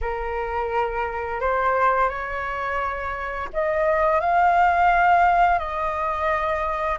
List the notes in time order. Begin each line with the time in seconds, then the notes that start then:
0.01 A#4
1.40 C5
2.09 C#5
3.53 D#5
4.20 F5
5.58 D#5